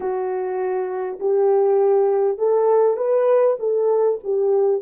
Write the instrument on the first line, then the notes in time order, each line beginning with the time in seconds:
horn
0.00 F#4
1.19 G4
2.38 A4
2.97 B4
3.59 A4
4.23 G4